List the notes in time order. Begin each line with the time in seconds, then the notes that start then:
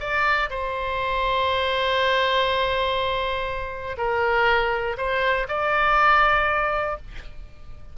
0.00 D5
0.50 C5
3.98 A#4
4.98 C5
5.48 D5